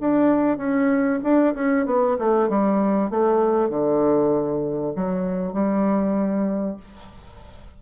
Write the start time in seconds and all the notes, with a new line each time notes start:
0.00 D4
0.57 C#4
1.23 D4
1.54 C#4
1.86 B3
2.18 A3
2.49 G3
3.10 A3
3.69 D3
4.95 F#3
5.53 G3